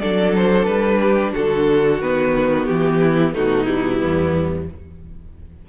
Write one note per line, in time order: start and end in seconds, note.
0.00 0.67 F#3
0.00 2.03 D4
0.00 1.01 A4
0.00 0.33 D5
0.37 0.66 C5
0.66 1.34 G3
0.66 1.32 B4
1.02 1.33 G4
1.33 2.03 D3
1.33 3.00 F#4
1.33 2.02 A4
2.02 2.69 D#3
2.02 3.34 B3
2.02 2.66 B4
2.66 3.35 E3
2.66 3.32 G4
3.00 3.34 E4
3.34 4.02 B2
3.34 3.67 A3
3.34 3.99 D#4
3.34 3.66 F#4
3.66 4.67 G3
3.66 4.66 E4
3.99 4.69 E2
3.99 4.66 B3